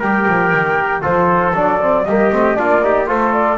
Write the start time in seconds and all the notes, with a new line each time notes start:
0.00 G3 G4 A#4 G5
0.28 F3
0.54 D#3
1.02 F3 F4 A4 C5
1.54 F#3 D4 D5
1.81 C4
2.05 G3 A#3 G4 D#5
2.32 A3 C4
2.56 A#3 D4 F4 D5
2.82 D#4 G4
3.07 A3 F4 A4 C5
3.33 D5